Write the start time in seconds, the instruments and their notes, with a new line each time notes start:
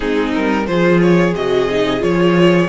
0.00 cello G#3, viola C4, violin D#4 G#4
0.35 cello G3, violin A#4
0.66 cello F3, viola F4, violin G#4 C5
1.00 violin C#5
1.35 cello C3, viola F#4, violin D#5
1.70 viola D#4
1.99 cello F3, viola F4, violin C#5